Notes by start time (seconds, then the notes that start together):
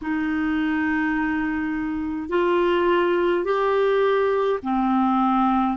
0.01 D#4
2.29 F4
3.44 G4
4.62 C4